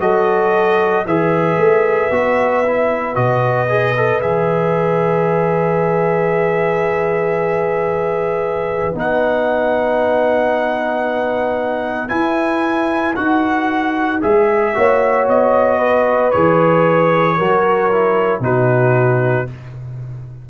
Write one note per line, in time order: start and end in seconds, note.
0.00 1.05 F#3
0.00 1.05 F#4
0.00 1.06 A4
0.00 1.06 D#5
1.05 1.57 E3
1.05 2.11 G#4
1.05 14.76 B4
1.05 3.15 E5
1.57 2.10 A3
2.11 3.16 B3
2.11 2.64 F#4
2.67 3.15 E4
3.15 4.21 B2
3.15 3.68 F#4
3.15 4.21 D#5
3.69 3.95 G#4
3.97 4.22 A4
4.21 8.94 E3
4.21 8.95 G#4
4.21 8.95 E5
8.94 12.10 B3
8.94 12.09 D#4
8.94 12.09 F#5
12.09 13.14 E4
12.09 13.16 E4
12.09 13.14 G#5
13.15 14.22 D#4
13.15 14.21 F#4
13.15 14.21 F#5
14.21 14.75 G#3
14.21 14.74 G#4
14.21 15.28 E5
14.74 15.29 A#3
14.74 16.32 F#4
14.74 15.78 C#5
15.29 16.34 B3
15.29 16.31 D#5
15.78 17.36 B4
16.31 17.40 E3
16.31 17.38 G#4
16.31 18.42 C#5
17.37 18.40 F#3
17.37 17.92 F#4
17.37 18.43 A#4
17.92 18.41 E4
18.40 19.45 B2
18.40 19.47 D#4
18.40 19.49 F#4
18.40 19.49 B4